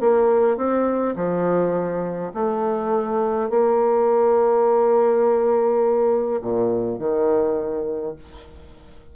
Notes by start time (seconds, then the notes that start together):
0.00 A#3
0.57 C4
1.16 F3
2.34 A3
3.50 A#3
6.41 A#2
6.99 D#3